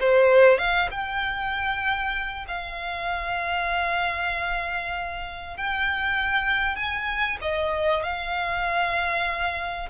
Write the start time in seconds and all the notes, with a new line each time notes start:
0.00 C5
0.58 F5
0.91 G5
2.48 F5
5.57 G5
6.76 G#5
7.42 D#5
8.03 F5